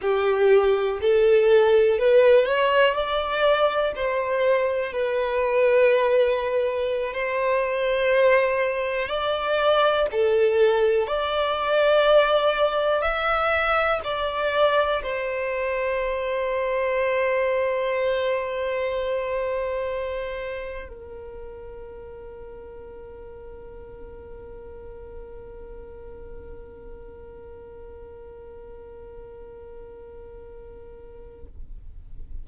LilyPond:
\new Staff \with { instrumentName = "violin" } { \time 4/4 \tempo 4 = 61 g'4 a'4 b'8 cis''8 d''4 | c''4 b'2~ b'16 c''8.~ | c''4~ c''16 d''4 a'4 d''8.~ | d''4~ d''16 e''4 d''4 c''8.~ |
c''1~ | c''4~ c''16 ais'2~ ais'8.~ | ais'1~ | ais'1 | }